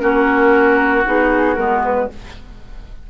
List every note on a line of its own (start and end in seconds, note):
0.00 1.06 A#3
0.00 1.04 C#4
0.00 2.09 F#4
0.00 1.03 A#4
1.05 1.57 B3
1.05 1.57 D#4
1.05 1.55 G#4
1.55 2.09 G#3
1.55 2.09 B3
1.55 1.81 A#4
1.84 2.10 B4